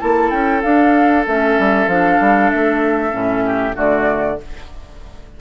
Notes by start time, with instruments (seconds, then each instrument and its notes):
0.00 bassoon A#3, clarinet E4, oboe A4, flute A5
0.31 bassoon C#4, flute G5
0.62 clarinet D4, bassoon D4, flute F5
1.27 bassoon A3, clarinet C#4, flute E5
1.59 bassoon G3
1.87 bassoon F3, clarinet D4, flute F5
2.21 bassoon G3
2.51 bassoon A3, flute E5
3.12 bassoon A2, clarinet C#4
3.46 oboe G4
3.75 bassoon D3, clarinet A3, oboe F#4, flute D5